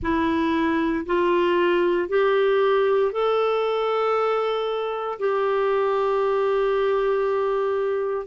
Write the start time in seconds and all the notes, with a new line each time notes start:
0.02 E4
1.06 F4
2.08 G4
3.11 A4
5.19 G4